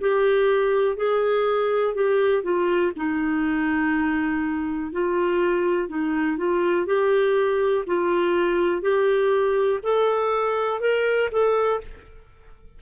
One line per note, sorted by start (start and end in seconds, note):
0.00 0.97 G4
0.97 1.94 G#4
1.94 2.43 G4
2.43 2.92 F4
2.96 4.92 D#4
4.92 5.89 F4
5.89 6.38 D#4
6.38 6.86 F4
6.86 7.85 G4
7.86 8.82 F4
8.82 9.80 G4
9.83 10.80 A4
10.80 11.29 A#4
11.32 11.81 A4